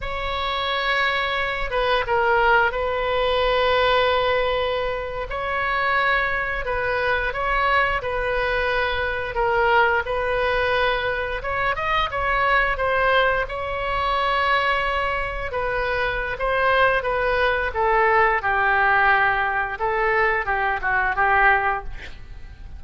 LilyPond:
\new Staff \with { instrumentName = "oboe" } { \time 4/4 \tempo 4 = 88 cis''2~ cis''8 b'8 ais'4 | b'2.~ b'8. cis''16~ | cis''4.~ cis''16 b'4 cis''4 b'16~ | b'4.~ b'16 ais'4 b'4~ b'16~ |
b'8. cis''8 dis''8 cis''4 c''4 cis''16~ | cis''2~ cis''8. b'4~ b'16 | c''4 b'4 a'4 g'4~ | g'4 a'4 g'8 fis'8 g'4 | }